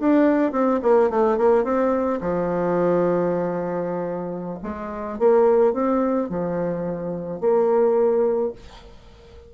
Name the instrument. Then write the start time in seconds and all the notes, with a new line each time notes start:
bassoon
0.00 D4
0.52 C4
0.83 A#3
1.10 A3
1.38 A#3
1.64 C4
2.21 F3
4.63 G#3
5.19 A#3
5.73 C4
6.30 F3
7.41 A#3